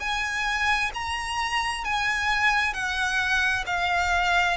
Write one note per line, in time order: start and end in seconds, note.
0.00 0.91 G#5
0.94 1.84 A#5
1.84 2.74 G#5
2.74 3.64 F#5
3.66 4.57 F5